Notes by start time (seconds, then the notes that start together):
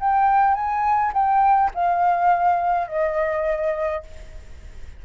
0.00 G5
0.55 G#5
1.13 G5
1.75 F5
2.88 D#5